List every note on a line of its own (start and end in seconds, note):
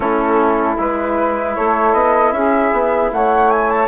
0.00 0.76 A3
0.00 0.77 C#4
0.00 1.54 E4
0.00 0.77 A4
0.77 1.56 G#3
0.77 3.88 E4
0.77 1.55 B4
1.55 1.93 A3
1.55 2.34 A4
1.55 1.93 C#5
1.93 2.32 B3
1.93 2.32 D#5
2.32 2.71 C#4
2.32 3.12 G#4
2.32 3.10 E5
2.71 3.10 B3
3.12 3.88 A3
3.12 3.88 C#5
3.12 3.50 F#5
3.50 3.69 G#5
3.69 3.88 A5